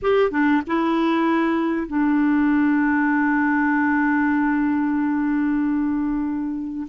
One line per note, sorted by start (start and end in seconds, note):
0.02 0.30 G4
0.30 0.62 D4
0.66 1.87 E4
1.87 6.87 D4